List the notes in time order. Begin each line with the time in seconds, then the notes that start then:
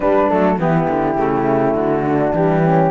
0.00 G3 D4 B4
0.29 F#3 A3 A4
0.58 E3 B3 E4 G4
0.89 D3
1.15 C#3 A3
1.74 D3 F#4
2.05 D4
2.32 E3 G3 G4
2.62 C#4